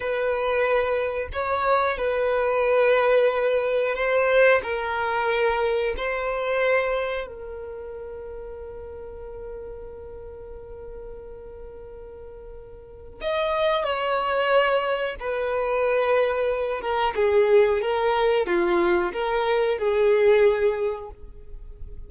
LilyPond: \new Staff \with { instrumentName = "violin" } { \time 4/4 \tempo 4 = 91 b'2 cis''4 b'4~ | b'2 c''4 ais'4~ | ais'4 c''2 ais'4~ | ais'1~ |
ais'1 | dis''4 cis''2 b'4~ | b'4. ais'8 gis'4 ais'4 | f'4 ais'4 gis'2 | }